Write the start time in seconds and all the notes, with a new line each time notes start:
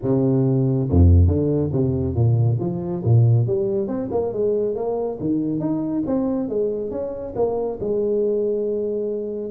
0.02 C3
0.90 F2
1.27 D3
1.72 C3
2.14 A#2
2.59 F3
3.04 A#2
3.46 G3
3.87 C4
4.11 A#3
4.32 G#3
4.75 A#3
5.19 D#3
5.60 D#4
6.06 C4
6.49 G#3
6.90 C#4
7.35 A#3
7.80 G#3